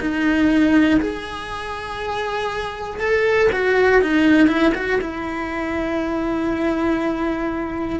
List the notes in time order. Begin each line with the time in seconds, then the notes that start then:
0.00 D#4
1.01 G#4
3.00 A4
3.52 F#4
4.02 D#4
4.48 E4
4.75 F#4
5.01 E4